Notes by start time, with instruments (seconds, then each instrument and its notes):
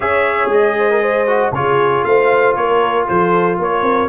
0.00 tuba C#4, trombone G#4, horn C#5, trumpet E5
0.47 tuba G#3, trumpet D#5
0.78 horn C5
0.90 horn A#4
1.02 horn C5
1.27 trombone F#4
1.51 tuba C#3, trombone F4, horn G#4, trumpet C#5
2.04 tuba A3, horn C5, trumpet F5
2.55 tuba A#3, horn A#4, trumpet C#5
3.07 tuba F3, horn A4, trumpet C5
3.59 tuba A#3, horn A#4, trumpet C#5
3.82 tuba C4